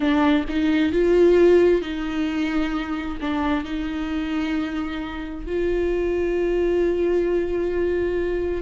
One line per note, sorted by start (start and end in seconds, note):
0.00 0.44 D4
0.48 0.92 D#4
0.92 1.81 F4
1.81 3.17 D#4
3.20 3.64 D4
3.64 5.46 D#4
5.46 8.61 F4